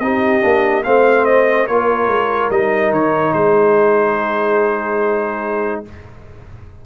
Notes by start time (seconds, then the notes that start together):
0.00 C4 D#4 G4 D#5
0.42 A#3 D4
0.84 A3 C4 C5 F5
1.26 D#5
1.68 A#3 F4 A#4 C#5
2.08 G#3
2.50 G3 D#4 D#5
2.92 D#3 C#5
3.34 G#3 G#4 C5